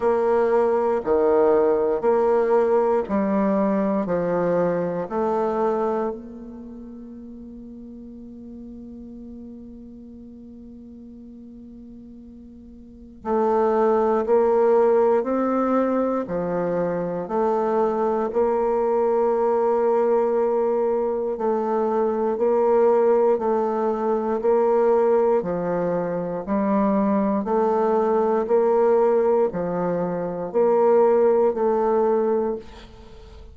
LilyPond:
\new Staff \with { instrumentName = "bassoon" } { \time 4/4 \tempo 4 = 59 ais4 dis4 ais4 g4 | f4 a4 ais2~ | ais1~ | ais4 a4 ais4 c'4 |
f4 a4 ais2~ | ais4 a4 ais4 a4 | ais4 f4 g4 a4 | ais4 f4 ais4 a4 | }